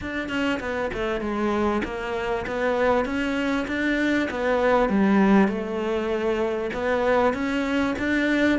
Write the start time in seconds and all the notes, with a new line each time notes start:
0.01 D4
0.29 C#4
0.60 B3
0.93 A3
1.21 G#3
1.84 A#3
2.46 B3
3.05 C#4
3.67 D4
4.30 B3
4.89 G3
5.47 A3
6.73 B3
7.33 C#4
7.98 D4